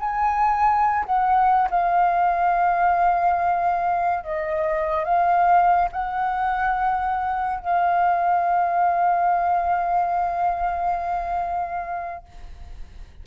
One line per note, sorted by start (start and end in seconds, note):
0.00 1.06 G#5
1.06 1.69 F#5
1.71 4.24 F5
4.24 5.05 D#5
5.05 5.89 F5
5.92 7.60 F#5
7.60 12.25 F5